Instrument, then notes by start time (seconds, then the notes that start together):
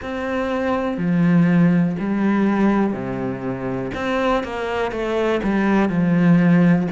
cello
0.01 C4
0.97 F3
1.99 G3
2.92 C3
3.94 C4
4.43 A#3
4.91 A3
5.43 G3
5.89 F3